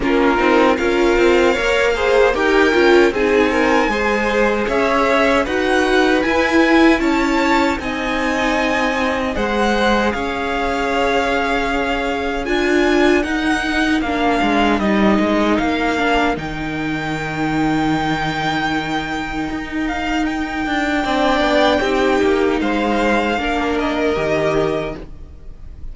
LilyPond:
<<
  \new Staff \with { instrumentName = "violin" } { \time 4/4 \tempo 4 = 77 ais'4 f''2 g''4 | gis''2 e''4 fis''4 | gis''4 a''4 gis''2 | fis''4 f''2. |
gis''4 fis''4 f''4 dis''4 | f''4 g''2.~ | g''4. f''8 g''2~ | g''4 f''4. dis''4. | }
  \new Staff \with { instrumentName = "violin" } { \time 4/4 f'4 ais'4 cis''8 c''8 ais'4 | gis'8 ais'8 c''4 cis''4 b'4~ | b'4 cis''4 dis''2 | c''4 cis''2. |
ais'1~ | ais'1~ | ais'2. d''4 | g'4 c''4 ais'2 | }
  \new Staff \with { instrumentName = "viola" } { \time 4/4 cis'8 dis'8 f'4 ais'8 gis'8 g'8 f'8 | dis'4 gis'2 fis'4 | e'2 dis'2 | gis'1 |
f'4 dis'4 d'4 dis'4~ | dis'8 d'8 dis'2.~ | dis'2. d'4 | dis'2 d'4 g'4 | }
  \new Staff \with { instrumentName = "cello" } { \time 4/4 ais8 c'8 cis'8 c'8 ais4 dis'8 cis'8 | c'4 gis4 cis'4 dis'4 | e'4 cis'4 c'2 | gis4 cis'2. |
d'4 dis'4 ais8 gis8 g8 gis8 | ais4 dis2.~ | dis4 dis'4. d'8 c'8 b8 | c'8 ais8 gis4 ais4 dis4 | }
>>